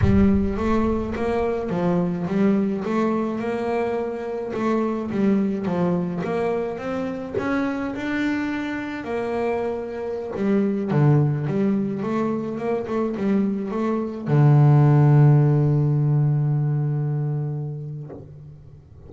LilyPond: \new Staff \with { instrumentName = "double bass" } { \time 4/4 \tempo 4 = 106 g4 a4 ais4 f4 | g4 a4 ais2 | a4 g4 f4 ais4 | c'4 cis'4 d'2 |
ais2~ ais16 g4 d8.~ | d16 g4 a4 ais8 a8 g8.~ | g16 a4 d2~ d8.~ | d1 | }